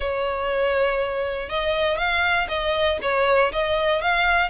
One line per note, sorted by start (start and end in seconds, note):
0.00 1.49 C#5
1.49 1.97 D#5
1.97 2.47 F5
2.48 2.98 D#5
3.01 3.51 C#5
3.52 4.01 D#5
4.01 4.49 F5